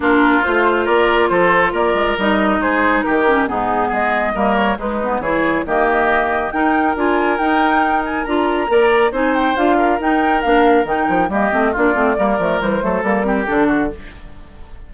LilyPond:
<<
  \new Staff \with { instrumentName = "flute" } { \time 4/4 \tempo 4 = 138 ais'4 c''4 d''4 c''4 | d''4 dis''4 c''4 ais'4 | gis'4 dis''4. cis''8 b'4 | cis''4 dis''2 g''4 |
gis''4 g''4. gis''8 ais''4~ | ais''4 gis''8 g''8 f''4 g''4 | f''4 g''4 dis''4 d''4~ | d''4 c''4 ais'4 a'4 | }
  \new Staff \with { instrumentName = "oboe" } { \time 4/4 f'2 ais'4 a'4 | ais'2 gis'4 g'4 | dis'4 gis'4 ais'4 dis'4 | gis'4 g'2 ais'4~ |
ais'1 | d''4 c''4. ais'4.~ | ais'2 g'4 f'4 | ais'4. a'4 g'4 fis'8 | }
  \new Staff \with { instrumentName = "clarinet" } { \time 4/4 d'4 f'2.~ | f'4 dis'2~ dis'8 cis'8 | b2 ais4 gis8 b8 | e'4 ais2 dis'4 |
f'4 dis'2 f'4 | ais'4 dis'4 f'4 dis'4 | d'4 dis'4 ais8 c'8 d'8 c'8 | ais8 a8 g8 a8 ais8 c'8 d'4 | }
  \new Staff \with { instrumentName = "bassoon" } { \time 4/4 ais4 a4 ais4 f4 | ais8 gis8 g4 gis4 dis4 | gis,4 gis4 g4 gis4 | e4 dis2 dis'4 |
d'4 dis'2 d'4 | ais4 c'4 d'4 dis'4 | ais4 dis8 f8 g8 a8 ais8 a8 | g8 f8 e8 fis8 g4 d4 | }
>>